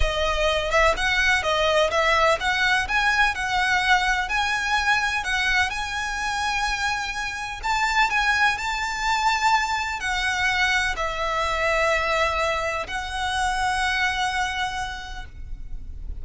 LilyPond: \new Staff \with { instrumentName = "violin" } { \time 4/4 \tempo 4 = 126 dis''4. e''8 fis''4 dis''4 | e''4 fis''4 gis''4 fis''4~ | fis''4 gis''2 fis''4 | gis''1 |
a''4 gis''4 a''2~ | a''4 fis''2 e''4~ | e''2. fis''4~ | fis''1 | }